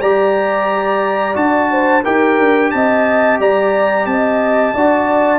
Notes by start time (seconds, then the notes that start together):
0.00 G3 G4 D5 A#5
1.34 D4 F#4 A5
1.71 C5
2.04 D#4 G4 A#4 G5
2.40 D4
2.71 C4 D#5 A5
3.40 G3 D5 A#5
4.06 C4 D#5 A5
4.74 D4 F#4 D5